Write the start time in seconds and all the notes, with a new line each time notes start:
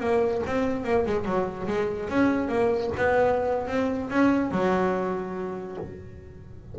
0.00 A#3
0.46 C4
0.84 A#3
1.06 G#3
1.25 F#3
1.67 G#3
2.09 C#4
2.48 A#3
2.97 B3
3.67 C4
4.10 C#4
4.51 F#3